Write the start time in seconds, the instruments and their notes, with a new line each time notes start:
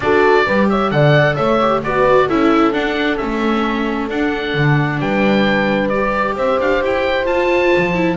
0.00 double bass D4, viola F#4, horn A4, oboe D5
0.45 double bass G3, viola G4, horn B4
0.69 horn C#5, oboe E5
0.90 double bass D3, viola A4, horn D5, oboe F#5
1.35 double bass A3, horn C#5, oboe E5
1.60 viola G4
1.83 double bass B3, viola F#4, horn B4, oboe D5
2.26 double bass C#4, viola E4, horn A4, oboe E5
2.71 viola D4, double bass D4, oboe F#5
3.17 double bass A3, viola C#4, oboe E5
4.09 double bass D4, viola D4, oboe F#5
4.54 double bass D3
4.99 double bass G3, horn B4, oboe G5
5.88 viola G4, oboe D5
6.36 double bass C4, horn C5, oboe E5
6.59 double bass D4, oboe F5
6.81 double bass E4, oboe G5
7.25 viola F4, double bass F4, oboe A5
7.77 double bass F3
7.94 viola E4